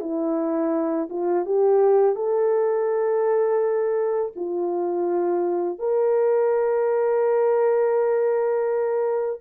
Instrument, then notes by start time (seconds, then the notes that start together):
horn
0.00 E4
1.09 F4
1.45 G4
2.15 A4
4.35 F4
5.79 A#4